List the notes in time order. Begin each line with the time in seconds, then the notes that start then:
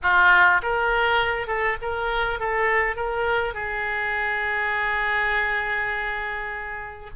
0.02 F4
0.62 A#4
1.47 A4
1.81 A#4
2.39 A4
2.95 A#4
3.53 G#4